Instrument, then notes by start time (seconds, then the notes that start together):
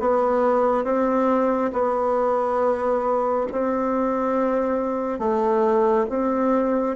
bassoon
0.00 B3
0.85 C4
1.73 B3
3.52 C4
5.19 A3
6.09 C4